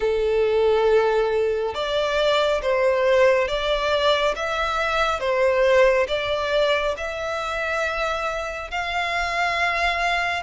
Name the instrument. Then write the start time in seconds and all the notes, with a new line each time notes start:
violin
0.00 A4
1.74 D5
2.62 C5
3.47 D5
4.35 E5
5.20 C5
6.08 D5
6.97 E5
8.70 F5